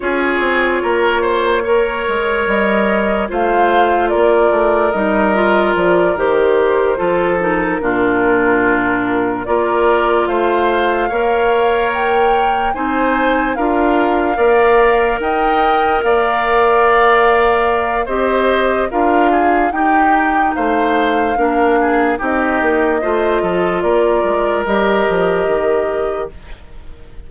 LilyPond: <<
  \new Staff \with { instrumentName = "flute" } { \time 4/4 \tempo 4 = 73 cis''2. dis''4 | f''4 d''4 dis''4 d''8 c''8~ | c''4 ais'2~ ais'8 d''8~ | d''8 f''2 g''4 gis''8~ |
gis''8 f''2 g''4 f''8~ | f''2 dis''4 f''4 | g''4 f''2 dis''4~ | dis''4 d''4 dis''2 | }
  \new Staff \with { instrumentName = "oboe" } { \time 4/4 gis'4 ais'8 c''8 cis''2 | c''4 ais'2.~ | ais'8 a'4 f'2 ais'8~ | ais'8 c''4 cis''2 c''8~ |
c''8 ais'4 d''4 dis''4 d''8~ | d''2 c''4 ais'8 gis'8 | g'4 c''4 ais'8 gis'8 g'4 | c''8 a'8 ais'2. | }
  \new Staff \with { instrumentName = "clarinet" } { \time 4/4 f'2 ais'2 | f'2 dis'8 f'4 g'8~ | g'8 f'8 dis'8 d'2 f'8~ | f'4. ais'2 dis'8~ |
dis'8 f'4 ais'2~ ais'8~ | ais'2 g'4 f'4 | dis'2 d'4 dis'4 | f'2 g'2 | }
  \new Staff \with { instrumentName = "bassoon" } { \time 4/4 cis'8 c'8 ais4. gis8 g4 | a4 ais8 a8 g4 f8 dis8~ | dis8 f4 ais,2 ais8~ | ais8 a4 ais2 c'8~ |
c'8 d'4 ais4 dis'4 ais8~ | ais2 c'4 d'4 | dis'4 a4 ais4 c'8 ais8 | a8 f8 ais8 gis8 g8 f8 dis4 | }
>>